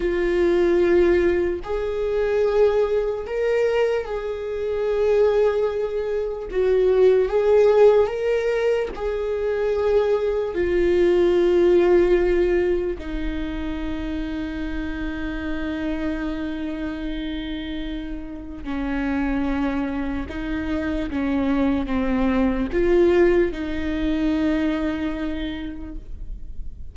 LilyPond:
\new Staff \with { instrumentName = "viola" } { \time 4/4 \tempo 4 = 74 f'2 gis'2 | ais'4 gis'2. | fis'4 gis'4 ais'4 gis'4~ | gis'4 f'2. |
dis'1~ | dis'2. cis'4~ | cis'4 dis'4 cis'4 c'4 | f'4 dis'2. | }